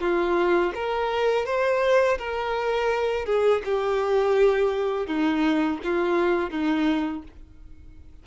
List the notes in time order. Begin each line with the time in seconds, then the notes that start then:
0.00 F4
0.75 A#4
1.46 C5
2.19 A#4
3.26 G#4
3.65 G4
5.07 D#4
5.84 F4
6.50 D#4